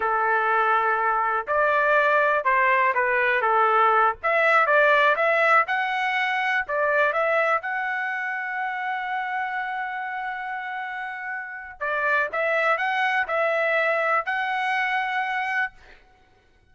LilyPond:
\new Staff \with { instrumentName = "trumpet" } { \time 4/4 \tempo 4 = 122 a'2. d''4~ | d''4 c''4 b'4 a'4~ | a'8 e''4 d''4 e''4 fis''8~ | fis''4. d''4 e''4 fis''8~ |
fis''1~ | fis''1 | d''4 e''4 fis''4 e''4~ | e''4 fis''2. | }